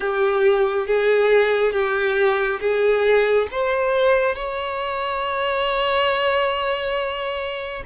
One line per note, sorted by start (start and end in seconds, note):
0.00 0.87 G4
0.87 1.72 G#4
1.72 2.59 G4
2.60 3.47 G#4
3.51 4.35 C5
4.35 7.83 C#5